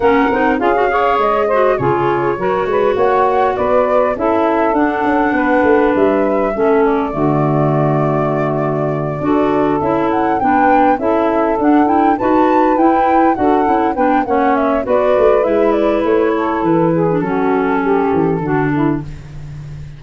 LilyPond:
<<
  \new Staff \with { instrumentName = "flute" } { \time 4/4 \tempo 4 = 101 fis''4 f''4 dis''4 cis''4~ | cis''4 fis''4 d''4 e''4 | fis''2 e''4. d''8~ | d''1~ |
d''8 e''8 fis''8 g''4 e''4 fis''8 | g''8 a''4 g''4 fis''4 g''8 | fis''8 e''8 d''4 e''8 d''8 cis''4 | b'4 a'2. | }
  \new Staff \with { instrumentName = "saxophone" } { \time 4/4 ais'4 gis'8 cis''4 c''8 gis'4 | ais'8 b'8 cis''4 b'4 a'4~ | a'4 b'2 a'4 | fis'2.~ fis'8 a'8~ |
a'4. b'4 a'4.~ | a'8 b'2 a'4 b'8 | cis''4 b'2~ b'8 a'8~ | a'8 gis'8 fis'4 g'4 fis'8 e'8 | }
  \new Staff \with { instrumentName = "clarinet" } { \time 4/4 cis'8 dis'8 f'16 fis'16 gis'4 fis'8 f'4 | fis'2. e'4 | d'2. cis'4 | a2.~ a8 fis'8~ |
fis'8 e'4 d'4 e'4 d'8 | e'8 fis'4 e'4 fis'8 e'8 d'8 | cis'4 fis'4 e'2~ | e'8. d'16 cis'2 d'4 | }
  \new Staff \with { instrumentName = "tuba" } { \time 4/4 ais8 c'8 cis'4 gis4 cis4 | fis8 gis8 ais4 b4 cis'4 | d'8 cis'8 b8 a8 g4 a4 | d2.~ d8 d'8~ |
d'8 cis'4 b4 cis'4 d'8~ | d'8 dis'4 e'4 d'8 cis'8 b8 | ais4 b8 a8 gis4 a4 | e4 fis4. e8 d4 | }
>>